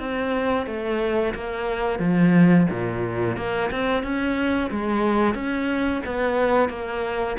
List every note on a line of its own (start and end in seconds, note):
0.00 0.66 C4
0.66 1.34 A3
1.35 1.99 A#3
1.99 2.67 F3
2.70 3.37 A#2
3.37 3.71 A#3
3.71 4.03 C4
4.03 4.71 C#4
4.71 5.35 G#3
5.35 6.02 C#4
6.06 6.70 B3
6.70 7.37 A#3